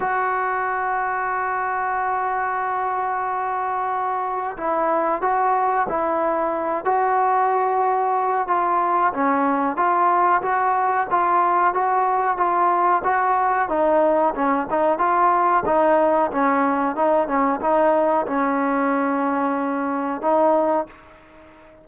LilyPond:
\new Staff \with { instrumentName = "trombone" } { \time 4/4 \tempo 4 = 92 fis'1~ | fis'2. e'4 | fis'4 e'4. fis'4.~ | fis'4 f'4 cis'4 f'4 |
fis'4 f'4 fis'4 f'4 | fis'4 dis'4 cis'8 dis'8 f'4 | dis'4 cis'4 dis'8 cis'8 dis'4 | cis'2. dis'4 | }